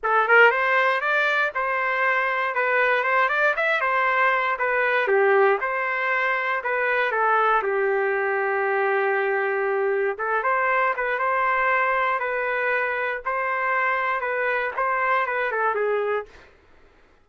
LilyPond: \new Staff \with { instrumentName = "trumpet" } { \time 4/4 \tempo 4 = 118 a'8 ais'8 c''4 d''4 c''4~ | c''4 b'4 c''8 d''8 e''8 c''8~ | c''4 b'4 g'4 c''4~ | c''4 b'4 a'4 g'4~ |
g'1 | a'8 c''4 b'8 c''2 | b'2 c''2 | b'4 c''4 b'8 a'8 gis'4 | }